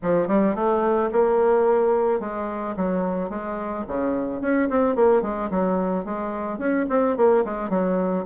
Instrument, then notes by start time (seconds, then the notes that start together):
bassoon
0.02 F3
0.27 G3
0.55 A3
1.12 A#3
2.20 G#3
2.76 F#3
3.29 G#3
3.87 C#3
4.41 C#4
4.69 C4
4.95 A#3
5.21 G#3
5.50 F#3
6.05 G#3
6.58 C#4
6.89 C4
7.16 A#3
7.44 G#3
7.69 F#3